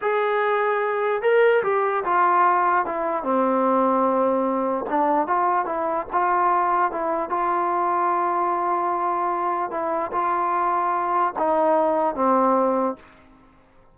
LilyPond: \new Staff \with { instrumentName = "trombone" } { \time 4/4 \tempo 4 = 148 gis'2. ais'4 | g'4 f'2 e'4 | c'1 | d'4 f'4 e'4 f'4~ |
f'4 e'4 f'2~ | f'1 | e'4 f'2. | dis'2 c'2 | }